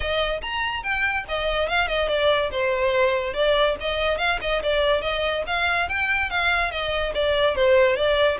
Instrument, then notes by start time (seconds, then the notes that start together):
violin
0.00 D#5
0.42 A#5
0.83 G5
1.28 D#5
1.68 F5
1.87 D#5
2.08 D5
2.51 C5
3.33 D5
3.80 D#5
4.18 F5
4.41 D#5
4.62 D5
5.01 D#5
5.46 F5
5.88 G5
6.29 F5
6.71 D#5
7.14 D5
7.55 C5
7.96 D5